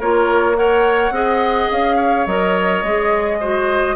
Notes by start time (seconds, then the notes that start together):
0.00 A#3 F4 A#4 C#5
0.56 A#4 C#5 F#5
1.11 C4 G#4 D#5
1.71 C#4 F5
1.97 C#5
2.27 F#3 A#4 D#5
2.83 G#3 G#4
3.40 F#4 C5